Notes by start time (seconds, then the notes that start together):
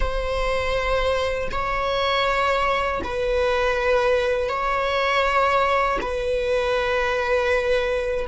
0.00 C5
1.51 C#5
3.03 B4
4.48 C#5
6.01 B4